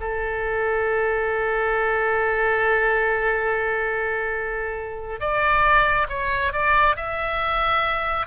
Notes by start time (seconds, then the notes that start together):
0.00 A4
5.20 D5
6.09 C#5
6.52 D5
6.96 E5